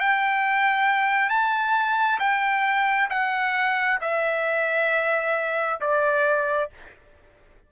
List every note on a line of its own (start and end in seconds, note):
0.00 1.29 G5
1.29 2.19 A5
2.19 3.09 G5
3.10 4.00 F#5
4.01 5.80 E5
5.81 6.70 D5